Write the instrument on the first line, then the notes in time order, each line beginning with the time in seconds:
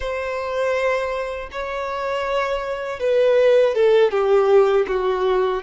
violin
0.00 C5
1.51 C#5
2.99 B4
3.75 A4
4.10 G4
4.88 F#4